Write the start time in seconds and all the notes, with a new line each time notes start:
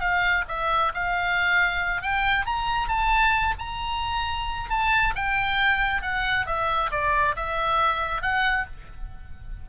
0.00 F5
0.48 E5
0.94 F5
2.02 G5
2.45 A#5
2.88 A5
3.58 A#5
4.69 A5
5.15 G5
6.02 F#5
6.46 E5
6.91 D5
7.36 E5
8.22 F#5